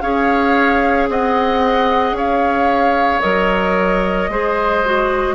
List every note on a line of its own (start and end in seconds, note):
0.00 1.09 C#4
0.00 3.22 G#4
0.00 1.09 C#5
0.00 1.07 F5
1.09 2.12 C4
1.09 2.16 D#5
1.09 2.17 F#5
2.12 3.19 C#4
2.12 4.30 C#5
2.12 3.20 F5
3.20 4.29 F#3
3.20 4.29 A#4
3.20 5.35 D#5
4.29 5.35 G#3
4.29 4.84 G#4
4.29 5.35 C5
4.84 5.35 F#4